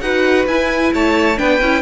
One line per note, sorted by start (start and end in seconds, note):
0.00 0.46 D#4
0.00 0.47 F#4
0.00 0.93 B4
0.00 0.45 F#5
0.46 0.92 E4
0.46 1.37 E4
0.46 0.93 G#5
0.93 1.39 A3
0.93 1.38 C#5
0.93 1.38 A5
1.37 1.61 B3
1.37 1.60 D4
1.37 1.82 B4
1.37 1.82 G5
1.61 1.82 C#4
1.61 1.82 E4